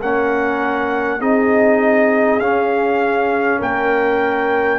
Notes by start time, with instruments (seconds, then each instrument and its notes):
0.00 tuba A#3, trombone C#4, horn A#4, trumpet F#5
1.20 tuba C4, trombone D#4, horn G#4, trumpet D#5
2.40 tuba C#4, trombone C#4, trumpet F5
3.60 tuba A#3, horn A#4, trumpet G5